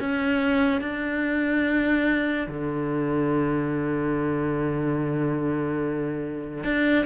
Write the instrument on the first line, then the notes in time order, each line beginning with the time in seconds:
cello
0.00 C#4
0.81 D4
2.48 D3
6.64 D4